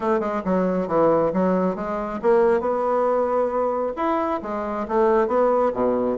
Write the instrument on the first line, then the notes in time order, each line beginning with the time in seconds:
bassoon
0.00 A3
0.19 G#3
0.44 F#3
0.87 E3
1.33 F#3
1.75 G#3
2.22 A#3
2.60 B3
3.96 E4
4.42 G#3
4.88 A3
5.27 B3
5.73 B2